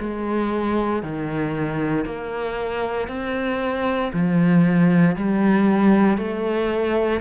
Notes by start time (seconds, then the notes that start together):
0.00 G#3
1.03 D#3
2.05 A#3
3.08 C4
4.13 F3
5.16 G3
6.18 A3